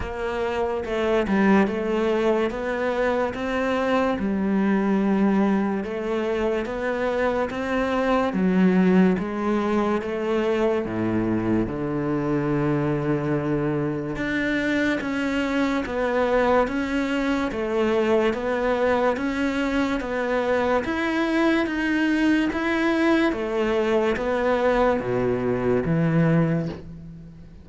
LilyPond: \new Staff \with { instrumentName = "cello" } { \time 4/4 \tempo 4 = 72 ais4 a8 g8 a4 b4 | c'4 g2 a4 | b4 c'4 fis4 gis4 | a4 a,4 d2~ |
d4 d'4 cis'4 b4 | cis'4 a4 b4 cis'4 | b4 e'4 dis'4 e'4 | a4 b4 b,4 e4 | }